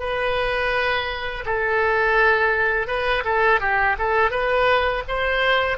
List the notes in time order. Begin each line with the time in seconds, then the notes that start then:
0.00 B4
1.46 A4
2.88 B4
3.25 A4
3.61 G4
3.99 A4
4.31 B4
5.08 C5